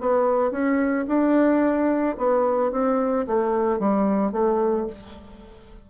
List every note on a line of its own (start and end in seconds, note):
0.00 0.51 B3
0.51 1.05 C#4
1.07 2.16 D4
2.17 2.71 B3
2.71 3.26 C4
3.26 3.79 A3
3.79 4.32 G3
4.32 4.86 A3